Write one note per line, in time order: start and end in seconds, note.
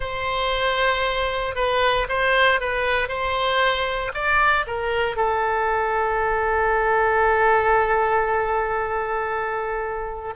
0.00 1.55 C5
1.55 2.07 B4
2.09 2.60 C5
2.60 3.08 B4
3.08 4.11 C5
4.14 4.65 D5
4.66 5.16 A#4
5.16 10.33 A4